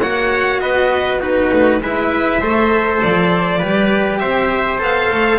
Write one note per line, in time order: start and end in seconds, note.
0.00 0.61 A#3
0.00 1.20 F#4
0.00 0.60 C#5
0.00 0.60 F#5
0.60 1.51 B3
0.60 1.20 B4
0.60 1.20 D#5
1.20 1.80 D#4
1.20 1.80 F#4
1.20 1.82 B4
1.53 1.81 A3
1.81 2.42 G#3
1.81 2.42 E4
1.81 2.41 B4
1.81 3.02 E5
2.41 3.02 A3
2.41 3.61 A4
2.41 3.59 C5
3.02 3.62 F3
3.02 4.18 D5
3.59 4.21 G3
3.59 4.78 G4
3.59 4.19 B4
4.18 4.80 C4
4.18 5.39 C5
4.18 4.78 E5
4.78 5.10 B3
4.78 5.38 A4
4.78 5.39 F5
5.11 5.39 A3